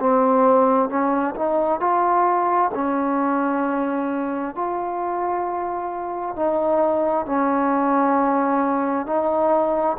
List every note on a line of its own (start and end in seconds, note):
0.00 0.90 C4
0.90 1.35 C#4
1.36 1.81 D#4
1.81 2.71 F4
2.75 4.55 C#4
4.55 6.36 F4
6.36 7.26 D#4
7.26 9.07 C#4
9.07 9.98 D#4